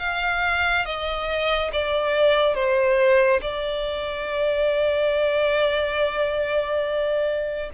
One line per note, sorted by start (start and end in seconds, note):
0.00 0.86 F5
0.86 1.71 D#5
1.73 2.55 D5
2.55 3.41 C5
3.42 7.71 D5